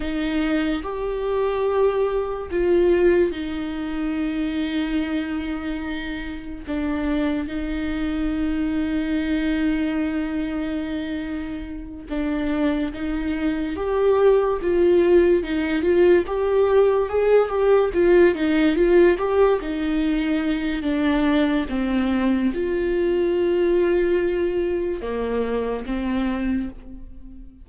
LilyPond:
\new Staff \with { instrumentName = "viola" } { \time 4/4 \tempo 4 = 72 dis'4 g'2 f'4 | dis'1 | d'4 dis'2.~ | dis'2~ dis'8 d'4 dis'8~ |
dis'8 g'4 f'4 dis'8 f'8 g'8~ | g'8 gis'8 g'8 f'8 dis'8 f'8 g'8 dis'8~ | dis'4 d'4 c'4 f'4~ | f'2 ais4 c'4 | }